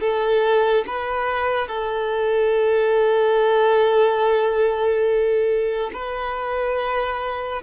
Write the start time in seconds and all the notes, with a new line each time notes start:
0.00 A4
0.86 B4
1.68 A4
5.93 B4